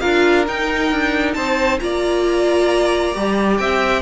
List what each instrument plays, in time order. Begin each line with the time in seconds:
0.00 cello D4, viola F4, violin A#4 F5
0.47 viola D#4, cello D#4, violin G5
0.91 cello D4
1.33 cello C4, violin C5 A5
1.79 cello A#3, viola F4, violin D5 A#5
3.14 cello G3, viola G4
3.57 cello C4, violin E5 G5